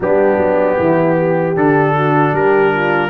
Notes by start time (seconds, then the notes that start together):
0.00 G3 B3 D4 G4
0.37 F#3
0.78 E3 E4
1.17 G4
1.56 D3 D4 A4
1.95 F#4
2.32 G3 G4 A#4
2.74 F4